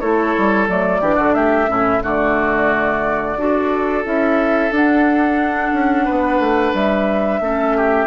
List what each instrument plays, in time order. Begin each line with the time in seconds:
0.00 bassoon A3, clarinet E4, oboe A4, flute C#5
0.38 bassoon G3
0.68 bassoon F#3, clarinet A3, flute D5
1.01 bassoon E3, clarinet D4, oboe G4
1.15 bassoon D3, oboe F#4
1.34 bassoon A3, oboe G4, flute E5
1.68 bassoon A2, clarinet C#4, oboe E4
2.02 bassoon D3, clarinet A3, oboe F#4, flute D5
3.37 bassoon D4, clarinet F#4, oboe A4
4.04 bassoon C#4, clarinet E4, flute E5
4.71 bassoon D4, clarinet D4, flute F#5
5.73 bassoon C#4
6.05 bassoon B3, oboe B4
6.39 bassoon A3
6.74 bassoon G3, flute E5
7.40 bassoon A3, clarinet C#4, oboe A4
7.77 oboe G4